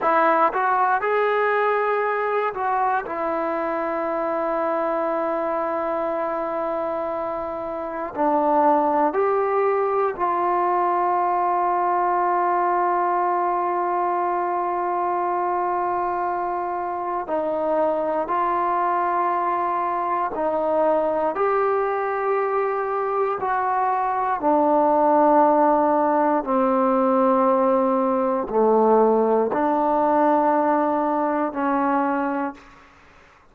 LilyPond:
\new Staff \with { instrumentName = "trombone" } { \time 4/4 \tempo 4 = 59 e'8 fis'8 gis'4. fis'8 e'4~ | e'1 | d'4 g'4 f'2~ | f'1~ |
f'4 dis'4 f'2 | dis'4 g'2 fis'4 | d'2 c'2 | a4 d'2 cis'4 | }